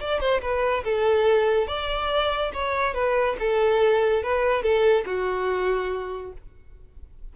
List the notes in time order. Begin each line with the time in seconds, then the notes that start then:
0.00 D5
0.20 C5
0.42 B4
0.84 A4
1.67 D5
2.53 C#5
2.94 B4
3.39 A4
4.23 B4
4.62 A4
5.06 F#4